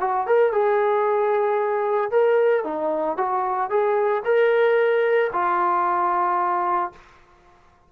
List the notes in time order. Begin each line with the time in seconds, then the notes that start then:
0.00 F#4
0.27 A#4
0.52 G#4
2.11 A#4
2.64 D#4
3.17 F#4
3.70 G#4
4.25 A#4
5.32 F4